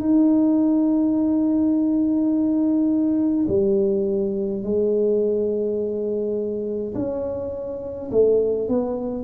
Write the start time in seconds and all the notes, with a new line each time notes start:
0.00 D#4
3.48 G3
4.63 G#3
6.95 C#4
8.11 A3
8.69 B3